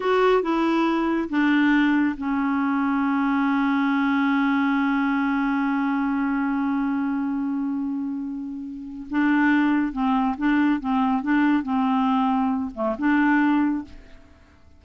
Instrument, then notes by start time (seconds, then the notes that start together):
clarinet
0.00 F#4
0.42 E4
1.29 D4
2.17 C#4
9.10 D4
9.92 C4
10.37 D4
10.80 C4
11.22 D4
11.63 C4
12.74 A3
12.98 D4